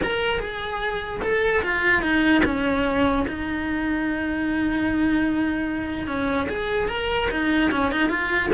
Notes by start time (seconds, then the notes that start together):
0.03 A#4
0.39 G#4
1.21 A4
1.62 F4
2.01 D#4
2.44 C#4
3.27 D#4
6.07 C#4
6.48 G#4
6.88 A#4
7.30 D#4
7.71 C#4
7.91 D#4
8.09 F4